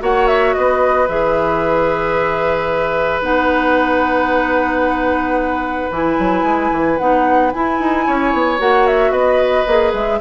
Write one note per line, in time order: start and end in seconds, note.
0.00 0.55 A#3
0.00 1.07 F#4
0.00 0.56 C#5
0.00 0.28 F#5
0.28 0.54 E5
0.54 1.08 B3
0.54 8.06 B4
0.54 1.07 D#5
1.08 3.22 E3
1.08 3.22 G#4
1.08 3.23 E5
3.22 5.89 B3
3.22 5.90 D#4
3.22 5.91 F#5
5.91 6.17 E3
5.91 6.99 E4
5.91 6.98 G#5
6.19 6.43 F#3
6.43 6.70 G#3
6.72 6.99 E3
6.98 7.54 B3
6.98 7.53 D#4
6.98 7.52 F#5
7.52 8.58 E4
7.52 7.80 E4
7.52 8.59 G#5
7.80 8.07 D#4
8.06 8.33 C#4
8.06 9.12 C#5
8.33 8.60 B3
8.58 9.11 A#3
8.58 9.66 F#4
8.58 8.87 F#5
8.87 9.12 E5
9.11 9.64 B3
9.11 10.19 B4
9.11 9.92 D#5
9.67 9.93 A#3
9.67 10.21 G#4
9.93 10.20 G#3
9.93 10.21 E5